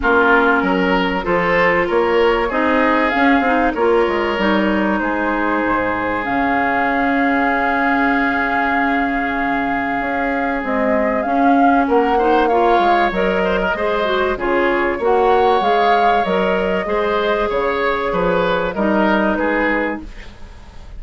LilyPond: <<
  \new Staff \with { instrumentName = "flute" } { \time 4/4 \tempo 4 = 96 ais'2 c''4 cis''4 | dis''4 f''4 cis''2 | c''2 f''2~ | f''1~ |
f''4 dis''4 f''4 fis''4 | f''4 dis''2 cis''4 | fis''4 f''4 dis''2 | cis''2 dis''4 b'4 | }
  \new Staff \with { instrumentName = "oboe" } { \time 4/4 f'4 ais'4 a'4 ais'4 | gis'2 ais'2 | gis'1~ | gis'1~ |
gis'2. ais'8 c''8 | cis''4. c''16 ais'16 c''4 gis'4 | cis''2. c''4 | cis''4 b'4 ais'4 gis'4 | }
  \new Staff \with { instrumentName = "clarinet" } { \time 4/4 cis'2 f'2 | dis'4 cis'8 dis'8 f'4 dis'4~ | dis'2 cis'2~ | cis'1~ |
cis'4 gis4 cis'4. dis'8 | f'4 ais'4 gis'8 fis'8 f'4 | fis'4 gis'4 ais'4 gis'4~ | gis'2 dis'2 | }
  \new Staff \with { instrumentName = "bassoon" } { \time 4/4 ais4 fis4 f4 ais4 | c'4 cis'8 c'8 ais8 gis8 g4 | gis4 gis,4 cis2~ | cis1 |
cis'4 c'4 cis'4 ais4~ | ais8 gis8 fis4 gis4 cis4 | ais4 gis4 fis4 gis4 | cis4 f4 g4 gis4 | }
>>